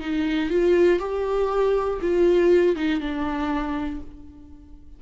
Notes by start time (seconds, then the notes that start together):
0.00 D#4
0.50 F4
0.99 G4
2.01 F4
2.75 D#4
3.00 D4